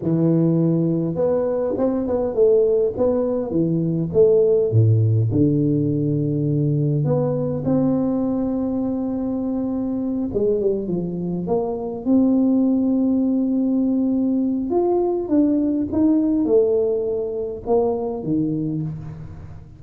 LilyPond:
\new Staff \with { instrumentName = "tuba" } { \time 4/4 \tempo 4 = 102 e2 b4 c'8 b8 | a4 b4 e4 a4 | a,4 d2. | b4 c'2.~ |
c'4. gis8 g8 f4 ais8~ | ais8 c'2.~ c'8~ | c'4 f'4 d'4 dis'4 | a2 ais4 dis4 | }